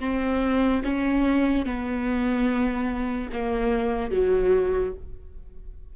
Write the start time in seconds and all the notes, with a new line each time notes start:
0.00 C4
0.84 C#4
1.66 B3
3.33 A#3
4.11 F#3